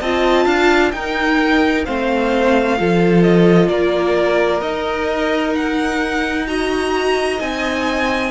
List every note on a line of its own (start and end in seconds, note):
0.00 0.46 C4
0.00 0.93 F4
0.00 0.45 D#5
0.00 0.91 A5
0.45 0.92 D4
0.45 0.91 F5
0.91 1.85 D#4
0.91 1.86 D#4
0.91 1.85 A#4
0.91 1.84 G5
1.85 2.79 A3
1.85 2.77 C4
1.85 2.77 C5
1.85 3.22 F5
2.77 3.68 F3
2.77 4.61 F4
2.77 3.69 A4
3.22 3.68 D#5
3.68 4.61 A#3
3.68 6.46 A#4
3.68 4.60 D5
4.60 7.38 D#4
4.60 6.47 D#4
4.60 5.52 D#5
5.55 6.47 F#5
6.47 7.39 F#4
6.47 8.31 D#5
6.47 7.39 A#5
7.39 8.31 C4
7.39 8.31 D#4
7.39 8.31 G#5